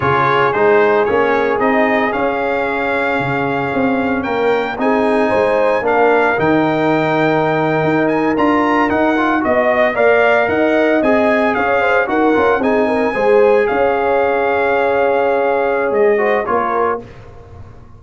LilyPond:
<<
  \new Staff \with { instrumentName = "trumpet" } { \time 4/4 \tempo 4 = 113 cis''4 c''4 cis''4 dis''4 | f''1 | g''4 gis''2 f''4 | g''2.~ g''16 gis''8 ais''16~ |
ais''8. fis''4 dis''4 f''4 fis''16~ | fis''8. gis''4 f''4 fis''4 gis''16~ | gis''4.~ gis''16 f''2~ f''16~ | f''2 dis''4 cis''4 | }
  \new Staff \with { instrumentName = "horn" } { \time 4/4 gis'1~ | gis'1 | ais'4 gis'4 c''4 ais'4~ | ais'1~ |
ais'4.~ ais'16 dis''4 d''4 dis''16~ | dis''4.~ dis''16 cis''8 c''8 ais'4 gis'16~ | gis'16 ais'8 c''4 cis''2~ cis''16~ | cis''2~ cis''8 c''8 ais'4 | }
  \new Staff \with { instrumentName = "trombone" } { \time 4/4 f'4 dis'4 cis'4 dis'4 | cis'1~ | cis'4 dis'2 d'4 | dis'2.~ dis'8. f'16~ |
f'8. dis'8 f'8 fis'4 ais'4~ ais'16~ | ais'8. gis'2 fis'8 f'8 dis'16~ | dis'8. gis'2.~ gis'16~ | gis'2~ gis'8 fis'8 f'4 | }
  \new Staff \with { instrumentName = "tuba" } { \time 4/4 cis4 gis4 ais4 c'4 | cis'2 cis4 c'4 | ais4 c'4 gis4 ais4 | dis2~ dis8. dis'4 d'16~ |
d'8. dis'4 b4 ais4 dis'16~ | dis'8. c'4 cis'4 dis'8 cis'8 c'16~ | c'8. gis4 cis'2~ cis'16~ | cis'2 gis4 ais4 | }
>>